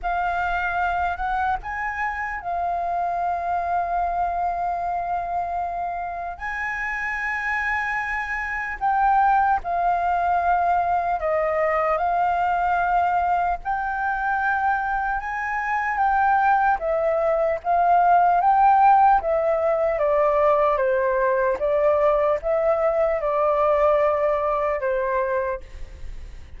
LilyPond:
\new Staff \with { instrumentName = "flute" } { \time 4/4 \tempo 4 = 75 f''4. fis''8 gis''4 f''4~ | f''1 | gis''2. g''4 | f''2 dis''4 f''4~ |
f''4 g''2 gis''4 | g''4 e''4 f''4 g''4 | e''4 d''4 c''4 d''4 | e''4 d''2 c''4 | }